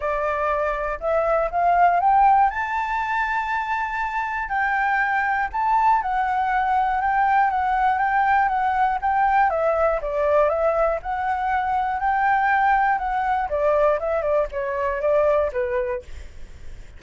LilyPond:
\new Staff \with { instrumentName = "flute" } { \time 4/4 \tempo 4 = 120 d''2 e''4 f''4 | g''4 a''2.~ | a''4 g''2 a''4 | fis''2 g''4 fis''4 |
g''4 fis''4 g''4 e''4 | d''4 e''4 fis''2 | g''2 fis''4 d''4 | e''8 d''8 cis''4 d''4 b'4 | }